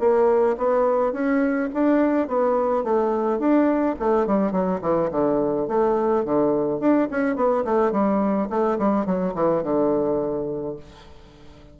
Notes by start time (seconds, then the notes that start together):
0.00 A#3
0.58 B3
1.13 C#4
1.74 D4
2.28 B3
2.84 A3
3.39 D4
4.00 A3
4.27 G3
4.52 F#3
4.81 E3
5.11 D3
5.68 A3
6.25 D3
6.80 D4
7.11 C#4
7.36 B3
7.65 A3
7.92 G3
8.50 A3
8.79 G3
9.06 F#3
9.35 E3
9.64 D3